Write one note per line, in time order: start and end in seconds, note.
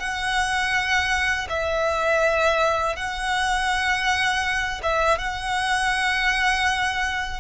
0.00 1.48 F#5
1.50 2.96 E5
2.96 4.81 F#5
4.84 5.19 E5
5.19 7.41 F#5